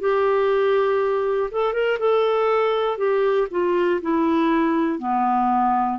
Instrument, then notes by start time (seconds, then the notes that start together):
clarinet
0.00 G4
1.50 A4
1.73 A#4
1.99 A4
2.97 G4
3.50 F4
4.01 E4
4.98 B3